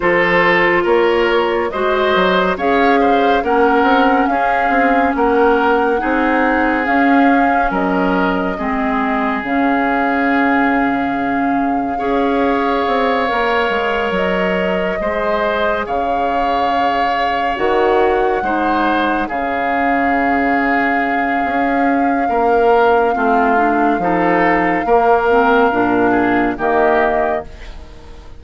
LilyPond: <<
  \new Staff \with { instrumentName = "flute" } { \time 4/4 \tempo 4 = 70 c''4 cis''4 dis''4 f''4 | fis''4 f''4 fis''2 | f''4 dis''2 f''4~ | f''1~ |
f''8 dis''2 f''4.~ | f''8 fis''2 f''4.~ | f''1~ | f''2. dis''4 | }
  \new Staff \with { instrumentName = "oboe" } { \time 4/4 a'4 ais'4 c''4 cis''8 c''8 | ais'4 gis'4 ais'4 gis'4~ | gis'4 ais'4 gis'2~ | gis'2 cis''2~ |
cis''4. c''4 cis''4.~ | cis''4. c''4 gis'4.~ | gis'2 ais'4 f'4 | a'4 ais'4. gis'8 g'4 | }
  \new Staff \with { instrumentName = "clarinet" } { \time 4/4 f'2 fis'4 gis'4 | cis'2. dis'4 | cis'2 c'4 cis'4~ | cis'2 gis'4. ais'8~ |
ais'4. gis'2~ gis'8~ | gis'8 fis'4 dis'4 cis'4.~ | cis'2. c'8 d'8 | dis'4 ais8 c'8 d'4 ais4 | }
  \new Staff \with { instrumentName = "bassoon" } { \time 4/4 f4 ais4 gis8 fis8 cis'4 | ais8 c'8 cis'8 c'8 ais4 c'4 | cis'4 fis4 gis4 cis4~ | cis2 cis'4 c'8 ais8 |
gis8 fis4 gis4 cis4.~ | cis8 dis4 gis4 cis4.~ | cis4 cis'4 ais4 a4 | f4 ais4 ais,4 dis4 | }
>>